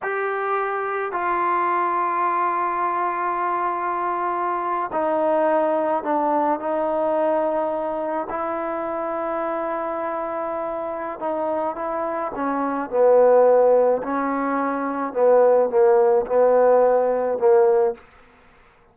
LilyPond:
\new Staff \with { instrumentName = "trombone" } { \time 4/4 \tempo 4 = 107 g'2 f'2~ | f'1~ | f'8. dis'2 d'4 dis'16~ | dis'2~ dis'8. e'4~ e'16~ |
e'1 | dis'4 e'4 cis'4 b4~ | b4 cis'2 b4 | ais4 b2 ais4 | }